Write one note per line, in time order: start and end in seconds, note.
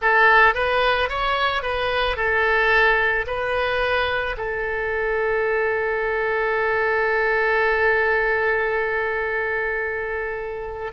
0.01 0.54 A4
0.54 1.09 B4
1.09 1.62 C#5
1.62 2.16 B4
2.16 3.25 A4
3.26 4.35 B4
4.37 10.91 A4